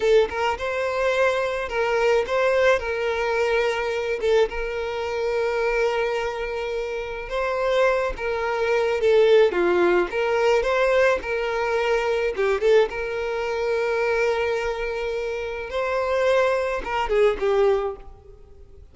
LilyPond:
\new Staff \with { instrumentName = "violin" } { \time 4/4 \tempo 4 = 107 a'8 ais'8 c''2 ais'4 | c''4 ais'2~ ais'8 a'8 | ais'1~ | ais'4 c''4. ais'4. |
a'4 f'4 ais'4 c''4 | ais'2 g'8 a'8 ais'4~ | ais'1 | c''2 ais'8 gis'8 g'4 | }